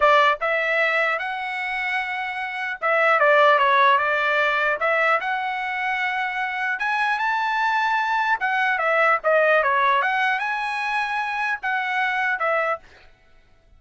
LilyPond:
\new Staff \with { instrumentName = "trumpet" } { \time 4/4 \tempo 4 = 150 d''4 e''2 fis''4~ | fis''2. e''4 | d''4 cis''4 d''2 | e''4 fis''2.~ |
fis''4 gis''4 a''2~ | a''4 fis''4 e''4 dis''4 | cis''4 fis''4 gis''2~ | gis''4 fis''2 e''4 | }